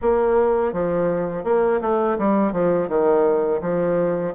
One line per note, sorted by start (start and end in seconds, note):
0.01 0.73 A#3
0.73 1.44 F3
1.44 1.80 A#3
1.81 2.17 A3
2.18 2.52 G3
2.52 2.88 F3
2.88 3.60 D#3
3.61 4.33 F3